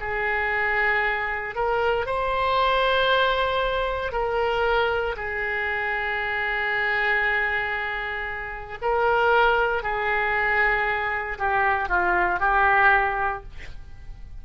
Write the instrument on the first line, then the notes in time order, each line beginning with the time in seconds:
oboe
0.00 G#4
1.55 A#4
2.06 C5
4.12 A#4
5.16 G#4
8.82 A#4
9.83 G#4
11.38 G4
11.89 F4
12.40 G4